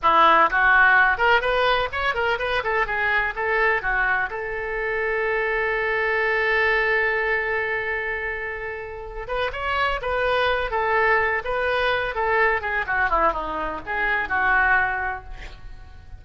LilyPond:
\new Staff \with { instrumentName = "oboe" } { \time 4/4 \tempo 4 = 126 e'4 fis'4. ais'8 b'4 | cis''8 ais'8 b'8 a'8 gis'4 a'4 | fis'4 a'2.~ | a'1~ |
a'2.~ a'8 b'8 | cis''4 b'4. a'4. | b'4. a'4 gis'8 fis'8 e'8 | dis'4 gis'4 fis'2 | }